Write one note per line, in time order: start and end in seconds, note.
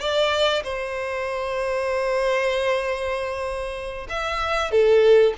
0.00 0.62 D5
0.63 4.07 C5
4.09 4.71 E5
4.71 5.34 A4